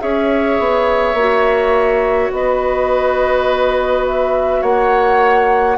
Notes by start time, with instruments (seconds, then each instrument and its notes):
0.00 bassoon C#4, clarinet G#4, oboe C#5, flute E5
0.59 bassoon B3
1.14 bassoon A#3, clarinet F#4
2.32 bassoon B3, oboe B4, flute D#5
4.07 flute E5
4.61 bassoon A#3, oboe C#5, flute F#5